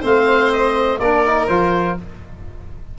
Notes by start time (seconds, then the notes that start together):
0.00 A3 C4 C5 F5
0.52 D#5
0.99 A#3 D4 A#4 D5
1.25 D#4
1.46 F3 F4 C5